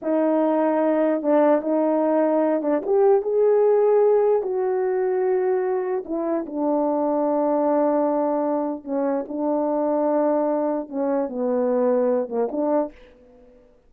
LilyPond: \new Staff \with { instrumentName = "horn" } { \time 4/4 \tempo 4 = 149 dis'2. d'4 | dis'2~ dis'8 d'8 g'4 | gis'2. fis'4~ | fis'2. e'4 |
d'1~ | d'2 cis'4 d'4~ | d'2. cis'4 | b2~ b8 ais8 d'4 | }